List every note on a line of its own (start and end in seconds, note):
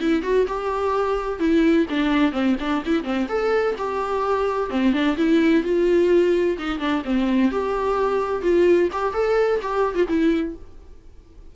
0.00 0.22 E4
0.22 0.46 F#4
0.47 1.39 G4
1.39 1.86 E4
1.89 2.32 D4
2.32 2.55 C4
2.60 2.83 D4
2.85 3.04 E4
3.04 3.27 C4
3.28 3.75 A4
3.78 4.70 G4
4.70 4.93 C4
4.93 5.16 D4
5.17 5.63 E4
5.63 6.57 F4
6.58 6.79 D#4
6.79 7.02 D4
7.04 7.51 C4
7.51 8.42 G4
8.42 8.89 F4
8.92 9.13 G4
9.13 9.60 A4
9.61 9.95 G4
9.95 10.06 F4
10.08 10.55 E4